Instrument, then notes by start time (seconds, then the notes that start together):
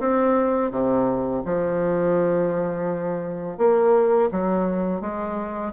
bassoon
0.00 C4
0.71 C3
1.46 F3
3.58 A#3
4.32 F#3
5.02 G#3